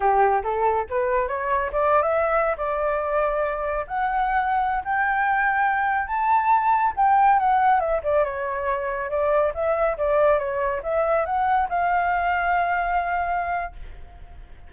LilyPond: \new Staff \with { instrumentName = "flute" } { \time 4/4 \tempo 4 = 140 g'4 a'4 b'4 cis''4 | d''8. e''4~ e''16 d''2~ | d''4 fis''2~ fis''16 g''8.~ | g''2~ g''16 a''4.~ a''16~ |
a''16 g''4 fis''4 e''8 d''8 cis''8.~ | cis''4~ cis''16 d''4 e''4 d''8.~ | d''16 cis''4 e''4 fis''4 f''8.~ | f''1 | }